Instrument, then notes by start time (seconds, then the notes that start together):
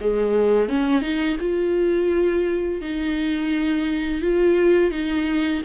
viola
0.00 G#3
0.69 C#4
1.01 D#4
1.40 F4
2.81 D#4
4.22 F4
4.91 D#4